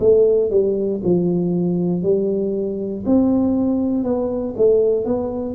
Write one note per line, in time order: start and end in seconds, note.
0.00 0.50 A3
0.50 1.01 G3
1.04 2.03 F3
2.03 3.05 G3
3.06 4.04 C4
4.04 4.55 B3
4.57 5.05 A3
5.05 5.55 B3